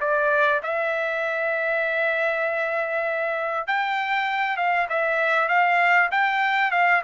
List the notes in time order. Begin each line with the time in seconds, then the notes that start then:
0.00 D5
0.63 E5
3.67 G5
4.57 F5
4.89 E5
5.48 F5
6.11 G5
6.71 F5